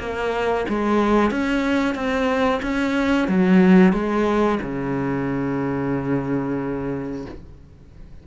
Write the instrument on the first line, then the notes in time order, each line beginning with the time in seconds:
cello
0.00 A#3
0.69 G#3
1.31 C#4
1.95 C4
2.63 C#4
3.28 F#3
3.93 G#3
4.62 C#3